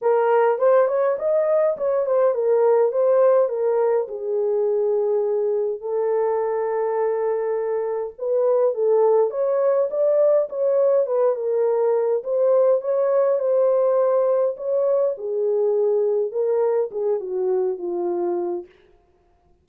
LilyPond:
\new Staff \with { instrumentName = "horn" } { \time 4/4 \tempo 4 = 103 ais'4 c''8 cis''8 dis''4 cis''8 c''8 | ais'4 c''4 ais'4 gis'4~ | gis'2 a'2~ | a'2 b'4 a'4 |
cis''4 d''4 cis''4 b'8 ais'8~ | ais'4 c''4 cis''4 c''4~ | c''4 cis''4 gis'2 | ais'4 gis'8 fis'4 f'4. | }